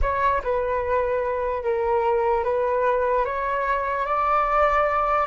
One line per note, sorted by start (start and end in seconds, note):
0.01 0.42 C#5
0.43 1.63 B4
1.63 2.44 A#4
2.44 3.25 B4
3.25 4.05 C#5
4.05 5.26 D5